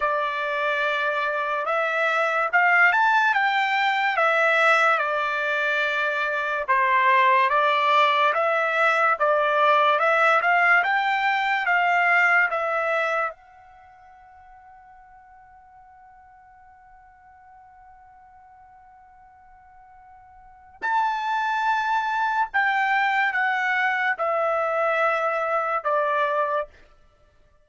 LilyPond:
\new Staff \with { instrumentName = "trumpet" } { \time 4/4 \tempo 4 = 72 d''2 e''4 f''8 a''8 | g''4 e''4 d''2 | c''4 d''4 e''4 d''4 | e''8 f''8 g''4 f''4 e''4 |
fis''1~ | fis''1~ | fis''4 a''2 g''4 | fis''4 e''2 d''4 | }